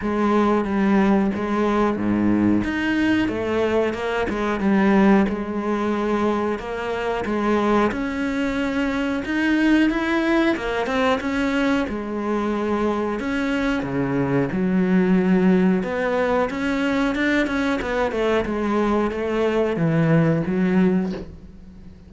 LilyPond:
\new Staff \with { instrumentName = "cello" } { \time 4/4 \tempo 4 = 91 gis4 g4 gis4 gis,4 | dis'4 a4 ais8 gis8 g4 | gis2 ais4 gis4 | cis'2 dis'4 e'4 |
ais8 c'8 cis'4 gis2 | cis'4 cis4 fis2 | b4 cis'4 d'8 cis'8 b8 a8 | gis4 a4 e4 fis4 | }